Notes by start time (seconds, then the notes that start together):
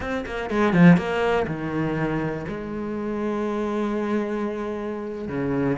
0.00 C4
0.26 A#3
0.49 G#3
0.73 F3
0.97 A#3
1.47 D#3
2.47 G#3
5.28 C#3